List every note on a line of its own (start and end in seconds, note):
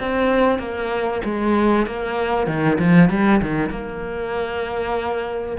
0.00 0.59 C4
0.59 1.22 A#3
1.24 1.86 G#3
1.86 2.47 A#3
2.47 2.78 D#3
2.79 3.10 F3
3.10 3.41 G3
3.42 3.70 D#3
3.70 5.57 A#3